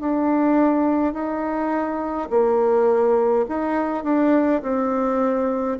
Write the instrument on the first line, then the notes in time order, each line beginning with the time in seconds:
bassoon
0.00 D4
1.13 D#4
2.30 A#3
3.48 D#4
4.04 D4
4.63 C4